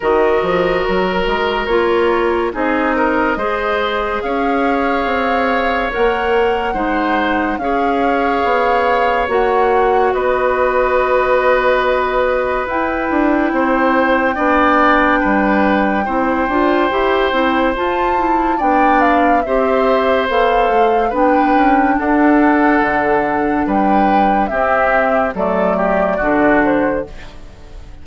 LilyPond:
<<
  \new Staff \with { instrumentName = "flute" } { \time 4/4 \tempo 4 = 71 dis''4 ais'4 cis''4 dis''4~ | dis''4 f''2 fis''4~ | fis''4 f''2 fis''4 | dis''2. g''4~ |
g''1~ | g''4 a''4 g''8 f''8 e''4 | f''4 g''4 fis''2 | g''4 e''4 d''4. c''8 | }
  \new Staff \with { instrumentName = "oboe" } { \time 4/4 ais'2. gis'8 ais'8 | c''4 cis''2. | c''4 cis''2. | b'1 |
c''4 d''4 b'4 c''4~ | c''2 d''4 c''4~ | c''4 b'4 a'2 | b'4 g'4 a'8 g'8 fis'4 | }
  \new Staff \with { instrumentName = "clarinet" } { \time 4/4 fis'2 f'4 dis'4 | gis'2. ais'4 | dis'4 gis'2 fis'4~ | fis'2. e'4~ |
e'4 d'2 e'8 f'8 | g'8 e'8 f'8 e'8 d'4 g'4 | a'4 d'2.~ | d'4 c'4 a4 d'4 | }
  \new Staff \with { instrumentName = "bassoon" } { \time 4/4 dis8 f8 fis8 gis8 ais4 c'4 | gis4 cis'4 c'4 ais4 | gis4 cis'4 b4 ais4 | b2. e'8 d'8 |
c'4 b4 g4 c'8 d'8 | e'8 c'8 f'4 b4 c'4 | b8 a8 b8 cis'8 d'4 d4 | g4 c'4 fis4 d4 | }
>>